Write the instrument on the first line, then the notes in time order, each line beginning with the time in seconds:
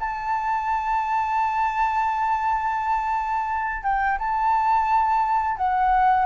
flute
0.00 A5
3.83 G5
4.19 A5
5.57 F#5